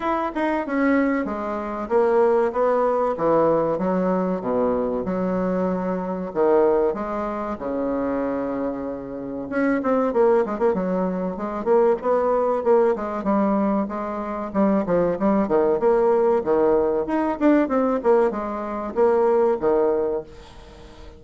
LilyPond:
\new Staff \with { instrumentName = "bassoon" } { \time 4/4 \tempo 4 = 95 e'8 dis'8 cis'4 gis4 ais4 | b4 e4 fis4 b,4 | fis2 dis4 gis4 | cis2. cis'8 c'8 |
ais8 gis16 ais16 fis4 gis8 ais8 b4 | ais8 gis8 g4 gis4 g8 f8 | g8 dis8 ais4 dis4 dis'8 d'8 | c'8 ais8 gis4 ais4 dis4 | }